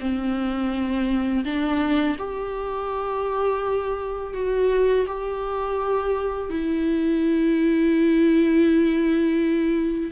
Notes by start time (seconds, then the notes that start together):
0.00 C4
1.45 D4
2.19 G4
4.34 F#4
5.07 G4
6.50 E4